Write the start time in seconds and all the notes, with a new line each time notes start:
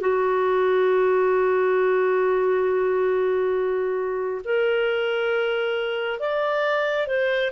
0.00 F#4
4.44 A#4
6.19 D5
7.07 C5